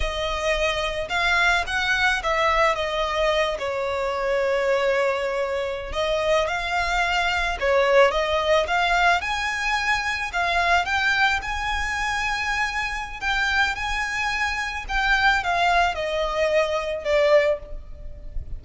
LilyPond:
\new Staff \with { instrumentName = "violin" } { \time 4/4 \tempo 4 = 109 dis''2 f''4 fis''4 | e''4 dis''4. cis''4.~ | cis''2~ cis''8. dis''4 f''16~ | f''4.~ f''16 cis''4 dis''4 f''16~ |
f''8. gis''2 f''4 g''16~ | g''8. gis''2.~ gis''16 | g''4 gis''2 g''4 | f''4 dis''2 d''4 | }